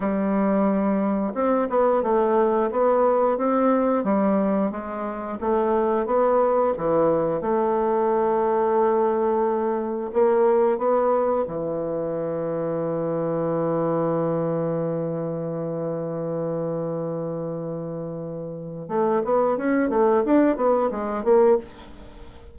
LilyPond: \new Staff \with { instrumentName = "bassoon" } { \time 4/4 \tempo 4 = 89 g2 c'8 b8 a4 | b4 c'4 g4 gis4 | a4 b4 e4 a4~ | a2. ais4 |
b4 e2.~ | e1~ | e1 | a8 b8 cis'8 a8 d'8 b8 gis8 ais8 | }